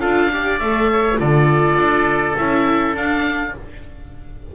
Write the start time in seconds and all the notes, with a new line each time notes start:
0.00 D4 F4 A4 F5
0.31 G4 D5
0.59 A3 A4 E5
0.91 C#5
1.16 D3 F4 A4 D5
1.76 D4
2.37 C#4 E4 E5
2.94 D4 F5